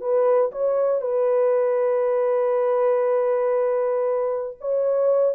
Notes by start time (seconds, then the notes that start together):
0.00 B4
0.52 C#5
1.01 B4
4.60 C#5